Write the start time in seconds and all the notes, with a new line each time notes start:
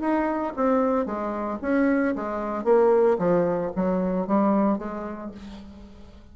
0.00 D#4
0.56 C4
1.05 G#3
1.61 C#4
2.15 G#3
2.64 A#3
3.18 F3
3.75 F#3
4.27 G3
4.78 G#3